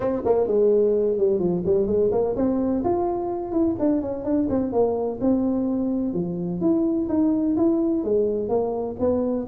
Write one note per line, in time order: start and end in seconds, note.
0.00 0.21 C4
0.25 0.47 A#3
0.47 1.17 G#3
1.17 1.39 G3
1.39 1.63 F3
1.65 1.86 G3
1.86 2.10 G#3
2.11 2.35 A#3
2.36 2.83 C4
2.84 3.52 F4
3.52 3.75 E4
3.79 4.01 D4
4.01 4.24 C#4
4.24 4.48 D4
4.49 4.72 C4
4.72 5.19 A#3
5.20 6.13 C4
6.13 6.60 F3
6.60 7.08 E4
7.08 7.55 D#4
7.57 8.04 E4
8.04 8.48 G#3
8.48 8.95 A#3
8.99 9.46 B3